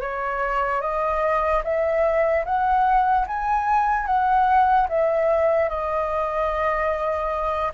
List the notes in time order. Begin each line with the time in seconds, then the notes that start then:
0.00 C#5
0.81 D#5
1.63 E5
2.45 F#5
3.27 G#5
4.06 F#5
4.88 E5
5.69 D#5